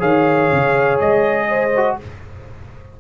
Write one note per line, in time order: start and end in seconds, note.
0.00 0.51 D#3
0.00 1.69 G#4
0.00 1.46 C#5
0.00 0.98 F5
0.53 1.01 C#3
1.00 1.98 G#3
1.00 1.97 D#5
1.49 1.97 C5
1.76 2.01 F#4